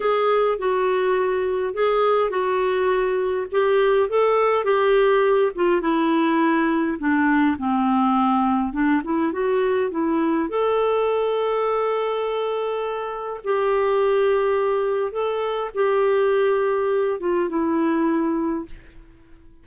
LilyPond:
\new Staff \with { instrumentName = "clarinet" } { \time 4/4 \tempo 4 = 103 gis'4 fis'2 gis'4 | fis'2 g'4 a'4 | g'4. f'8 e'2 | d'4 c'2 d'8 e'8 |
fis'4 e'4 a'2~ | a'2. g'4~ | g'2 a'4 g'4~ | g'4. f'8 e'2 | }